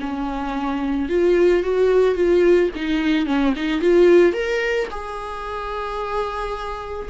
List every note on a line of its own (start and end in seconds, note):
0.00 1.09 C#4
1.09 1.63 F4
1.63 2.15 F#4
2.15 2.70 F4
2.75 3.26 D#4
3.26 3.54 C#4
3.56 3.81 D#4
3.81 4.33 F4
4.33 4.87 A#4
4.90 7.08 G#4